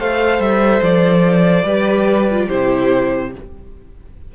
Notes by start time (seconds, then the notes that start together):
0.00 A3 A4 C5 F5
0.40 G3 E5
0.82 F3 D5
1.64 G3 G4 B4
2.31 F4
2.47 C3 E4 G4 C5